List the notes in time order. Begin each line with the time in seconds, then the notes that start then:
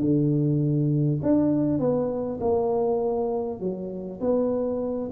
0.00 D3
1.22 D4
1.79 B3
2.40 A#3
3.60 F#3
4.20 B3